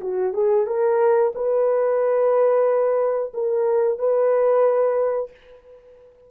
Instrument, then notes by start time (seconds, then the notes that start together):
horn
0.00 F#4
0.33 G#4
0.67 A#4
1.35 B4
3.33 A#4
3.99 B4